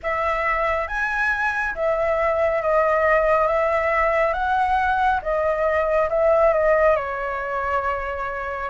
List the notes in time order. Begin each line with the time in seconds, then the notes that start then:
0.02 E5
0.87 G#5
1.74 E5
2.62 D#5
3.47 E5
4.33 F#5
5.22 D#5
6.09 E5
6.53 D#5
6.96 C#5